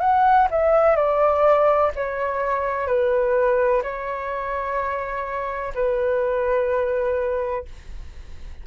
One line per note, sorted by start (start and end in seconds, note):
0.00 0.48 F#5
0.51 0.96 E5
0.96 1.91 D5
1.96 2.87 C#5
2.87 3.82 B4
3.83 5.73 C#5
5.74 7.65 B4